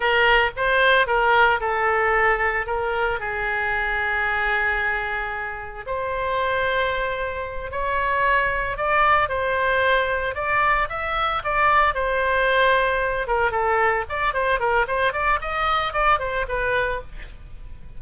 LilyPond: \new Staff \with { instrumentName = "oboe" } { \time 4/4 \tempo 4 = 113 ais'4 c''4 ais'4 a'4~ | a'4 ais'4 gis'2~ | gis'2. c''4~ | c''2~ c''8 cis''4.~ |
cis''8 d''4 c''2 d''8~ | d''8 e''4 d''4 c''4.~ | c''4 ais'8 a'4 d''8 c''8 ais'8 | c''8 d''8 dis''4 d''8 c''8 b'4 | }